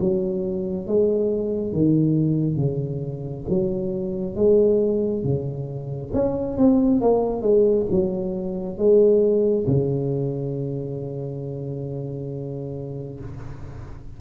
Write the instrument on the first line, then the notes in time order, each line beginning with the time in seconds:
tuba
0.00 F#3
0.87 G#3
1.73 D#3
2.56 C#3
3.49 F#3
4.36 G#3
5.24 C#3
6.14 C#4
6.57 C4
7.01 A#3
7.42 G#3
7.91 F#3
8.78 G#3
9.67 C#3